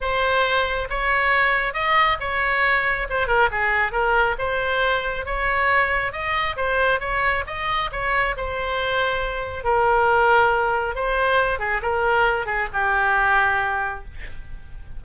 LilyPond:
\new Staff \with { instrumentName = "oboe" } { \time 4/4 \tempo 4 = 137 c''2 cis''2 | dis''4 cis''2 c''8 ais'8 | gis'4 ais'4 c''2 | cis''2 dis''4 c''4 |
cis''4 dis''4 cis''4 c''4~ | c''2 ais'2~ | ais'4 c''4. gis'8 ais'4~ | ais'8 gis'8 g'2. | }